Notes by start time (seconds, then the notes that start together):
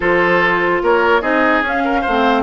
0.00 F3 F4 A4 C5
0.82 A#3 A#4 C#5
1.21 C4 D#4 G#4 D#5
1.61 C#4 F5
1.84 A#4
2.01 C5
2.07 A3 C4